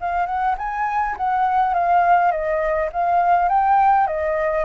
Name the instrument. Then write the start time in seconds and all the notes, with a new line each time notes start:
flute
0.00 F5
0.26 F#5
0.57 G#5
1.17 F#5
1.74 F5
2.31 D#5
2.92 F5
3.48 G5
4.07 D#5